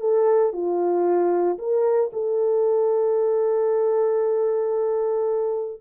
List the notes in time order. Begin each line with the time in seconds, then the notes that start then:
0.00 A4
0.53 F4
1.58 A#4
2.13 A4